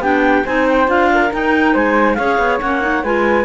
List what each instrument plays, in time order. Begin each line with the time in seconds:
0.00 cello B3, clarinet D4 G5, flute G4
0.45 cello C4, clarinet D#4 G#5, flute C5
0.69 clarinet G5
0.87 cello D4, clarinet F4 F5
1.14 flute A#4
1.33 clarinet D#4 G5, cello D#4
1.74 cello G#3, flute C5, clarinet G#5
2.15 cello C#4, clarinet G#4 F5, flute C#5
2.38 cello B3
2.61 cello A#3, clarinet C#4 F#5
2.81 clarinet D#4
3.04 cello G#3, clarinet F4 G#5, flute B4